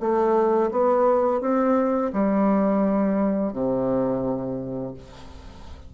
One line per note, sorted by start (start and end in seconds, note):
0.00 0.71 A3
0.71 1.41 B3
1.41 2.11 C4
2.12 3.53 G3
3.53 4.94 C3